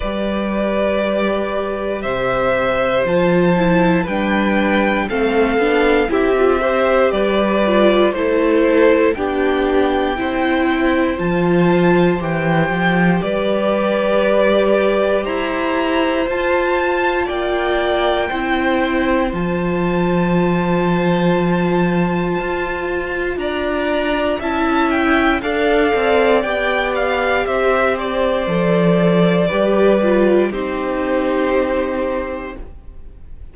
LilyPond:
<<
  \new Staff \with { instrumentName = "violin" } { \time 4/4 \tempo 4 = 59 d''2 e''4 a''4 | g''4 f''4 e''4 d''4 | c''4 g''2 a''4 | g''4 d''2 ais''4 |
a''4 g''2 a''4~ | a''2. ais''4 | a''8 g''8 f''4 g''8 f''8 e''8 d''8~ | d''2 c''2 | }
  \new Staff \with { instrumentName = "violin" } { \time 4/4 b'2 c''2 | b'4 a'4 g'8 c''8 b'4 | a'4 g'4 c''2~ | c''4 b'2 c''4~ |
c''4 d''4 c''2~ | c''2. d''4 | e''4 d''2 c''4~ | c''4 b'4 g'2 | }
  \new Staff \with { instrumentName = "viola" } { \time 4/4 g'2. f'8 e'8 | d'4 c'8 d'8 e'16 f'16 g'4 f'8 | e'4 d'4 e'4 f'4 | g'1 |
f'2 e'4 f'4~ | f'1 | e'4 a'4 g'2 | a'4 g'8 f'8 dis'2 | }
  \new Staff \with { instrumentName = "cello" } { \time 4/4 g2 c4 f4 | g4 a8 b8 c'4 g4 | a4 b4 c'4 f4 | e8 f8 g2 e'4 |
f'4 ais4 c'4 f4~ | f2 f'4 d'4 | cis'4 d'8 c'8 b4 c'4 | f4 g4 c'2 | }
>>